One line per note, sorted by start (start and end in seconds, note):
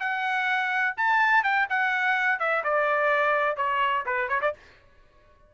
0.00 0.95 F#5
0.98 1.44 A5
1.44 1.68 G5
1.70 2.40 F#5
2.40 2.64 E5
2.65 3.57 D5
3.57 4.05 C#5
4.06 4.29 B4
4.29 4.41 C#5
4.42 4.54 D5